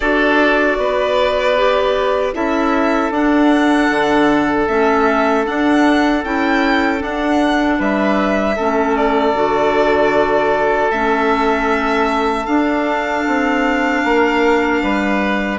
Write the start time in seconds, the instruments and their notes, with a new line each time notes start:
0.00 bassoon D4, clarinet F#4, oboe A4, violin D5
0.78 bassoon B3, oboe B4
1.57 clarinet G4
2.33 bassoon C#4, clarinet E4, oboe A4, violin E5
3.10 bassoon D4, clarinet D4, violin F#5
3.90 bassoon D3
4.67 bassoon A3, clarinet C#4, violin E5
5.45 clarinet D4, bassoon D4, violin F#5
6.24 bassoon C#4, clarinet E4, violin G5
6.98 clarinet D4, bassoon D4, violin F#5
7.78 bassoon G3, oboe B4, violin E5
8.56 bassoon A3, clarinet C#4, oboe A4
8.97 violin D5
9.33 bassoon D3, clarinet F#4
10.90 bassoon A3, clarinet C#4, violin E5
12.45 clarinet D4, bassoon D4, violin F5
13.27 bassoon C4
14.04 bassoon A#3, oboe A#4
14.82 bassoon G3, oboe B4